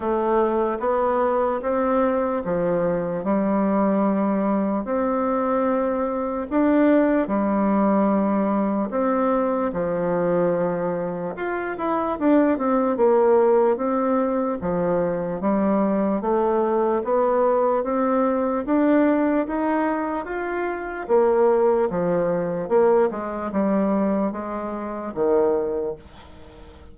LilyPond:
\new Staff \with { instrumentName = "bassoon" } { \time 4/4 \tempo 4 = 74 a4 b4 c'4 f4 | g2 c'2 | d'4 g2 c'4 | f2 f'8 e'8 d'8 c'8 |
ais4 c'4 f4 g4 | a4 b4 c'4 d'4 | dis'4 f'4 ais4 f4 | ais8 gis8 g4 gis4 dis4 | }